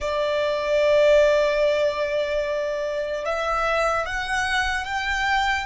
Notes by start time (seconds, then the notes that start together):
0.00 D5
3.25 E5
4.05 F#5
4.84 G5